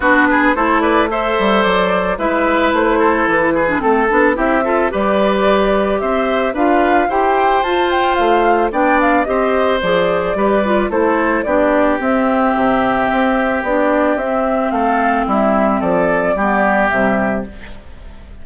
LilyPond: <<
  \new Staff \with { instrumentName = "flute" } { \time 4/4 \tempo 4 = 110 b'4 c''8 d''8 e''4 d''4 | e''4 c''4 b'4 a'4 | e''4 d''2 e''4 | f''4 g''4 a''8 g''8 f''4 |
g''8 f''8 dis''4 d''2 | c''4 d''4 e''2~ | e''4 d''4 e''4 f''4 | e''4 d''2 e''4 | }
  \new Staff \with { instrumentName = "oboe" } { \time 4/4 fis'8 gis'8 a'8 b'8 c''2 | b'4. a'4 gis'8 a'4 | g'8 a'8 b'2 c''4 | b'4 c''2. |
d''4 c''2 b'4 | a'4 g'2.~ | g'2. a'4 | e'4 a'4 g'2 | }
  \new Staff \with { instrumentName = "clarinet" } { \time 4/4 d'4 e'4 a'2 | e'2~ e'8. d'16 c'8 d'8 | e'8 f'8 g'2. | f'4 g'4 f'2 |
d'4 g'4 gis'4 g'8 f'8 | e'4 d'4 c'2~ | c'4 d'4 c'2~ | c'2 b4 g4 | }
  \new Staff \with { instrumentName = "bassoon" } { \time 4/4 b4 a4. g8 fis4 | gis4 a4 e4 a8 b8 | c'4 g2 c'4 | d'4 e'4 f'4 a4 |
b4 c'4 f4 g4 | a4 b4 c'4 c4 | c'4 b4 c'4 a4 | g4 f4 g4 c4 | }
>>